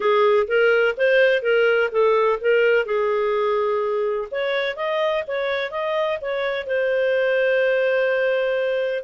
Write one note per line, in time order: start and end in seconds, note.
0.00 0.47 G#4
0.47 0.95 A#4
0.97 1.42 C5
1.42 1.90 A#4
1.91 2.39 A4
2.40 2.85 A#4
2.85 4.28 G#4
4.31 4.76 C#5
4.76 5.23 D#5
5.27 5.70 C#5
5.70 6.18 D#5
6.21 6.66 C#5
6.66 9.03 C5